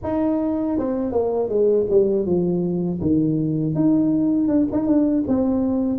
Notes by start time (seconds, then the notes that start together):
0.03 D#4
0.78 C4
1.11 A#3
1.49 G#3
1.90 G3
2.25 F3
3.01 D#3
3.75 D#4
4.48 D4
4.71 D#4
4.86 D4
5.27 C4